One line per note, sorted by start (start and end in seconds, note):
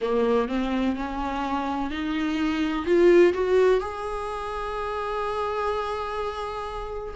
0.01 0.48 A#3
0.48 0.96 C4
0.96 1.90 C#4
1.90 2.85 D#4
2.85 3.33 F4
3.33 3.80 F#4
3.80 7.13 G#4